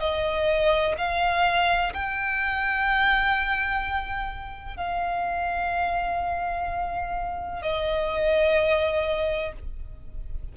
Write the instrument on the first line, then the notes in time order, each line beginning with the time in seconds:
violin
0.00 D#5
0.98 F5
1.94 G5
4.77 F5
7.62 D#5